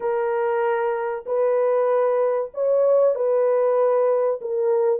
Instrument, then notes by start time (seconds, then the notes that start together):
horn
0.00 A#4
1.26 B4
2.53 C#5
3.15 B4
4.41 A#4